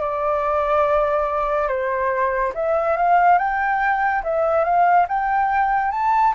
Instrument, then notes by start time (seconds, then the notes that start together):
flute
0.00 D5
1.68 C5
2.54 E5
2.96 F5
3.38 G5
4.23 E5
4.64 F5
5.08 G5
5.91 A5